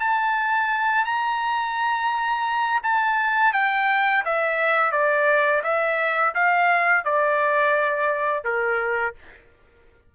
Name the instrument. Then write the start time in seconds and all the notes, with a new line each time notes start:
trumpet
0.00 A5
1.05 A#5
2.83 A5
3.53 G5
4.25 E5
4.92 D5
5.63 E5
6.35 F5
7.05 D5
8.44 A#4